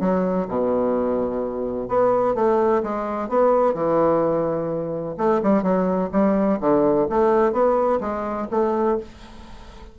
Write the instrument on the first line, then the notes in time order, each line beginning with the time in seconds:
bassoon
0.00 F#3
0.48 B2
1.89 B3
2.35 A3
2.83 G#3
3.29 B3
3.74 E3
5.18 A3
5.43 G3
5.63 F#3
6.12 G3
6.61 D3
7.10 A3
7.53 B3
8.00 G#3
8.51 A3